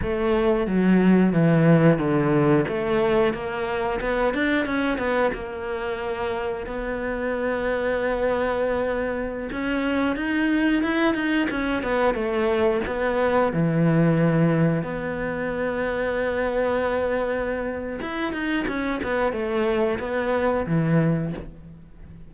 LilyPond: \new Staff \with { instrumentName = "cello" } { \time 4/4 \tempo 4 = 90 a4 fis4 e4 d4 | a4 ais4 b8 d'8 cis'8 b8 | ais2 b2~ | b2~ b16 cis'4 dis'8.~ |
dis'16 e'8 dis'8 cis'8 b8 a4 b8.~ | b16 e2 b4.~ b16~ | b2. e'8 dis'8 | cis'8 b8 a4 b4 e4 | }